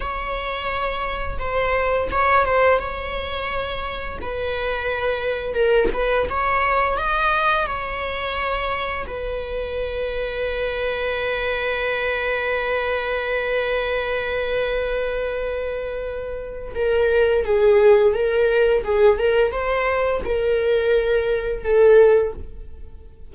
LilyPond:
\new Staff \with { instrumentName = "viola" } { \time 4/4 \tempo 4 = 86 cis''2 c''4 cis''8 c''8 | cis''2 b'2 | ais'8 b'8 cis''4 dis''4 cis''4~ | cis''4 b'2.~ |
b'1~ | b'1 | ais'4 gis'4 ais'4 gis'8 ais'8 | c''4 ais'2 a'4 | }